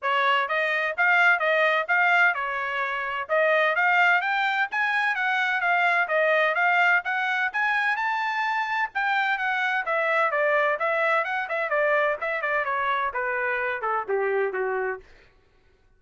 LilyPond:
\new Staff \with { instrumentName = "trumpet" } { \time 4/4 \tempo 4 = 128 cis''4 dis''4 f''4 dis''4 | f''4 cis''2 dis''4 | f''4 g''4 gis''4 fis''4 | f''4 dis''4 f''4 fis''4 |
gis''4 a''2 g''4 | fis''4 e''4 d''4 e''4 | fis''8 e''8 d''4 e''8 d''8 cis''4 | b'4. a'8 g'4 fis'4 | }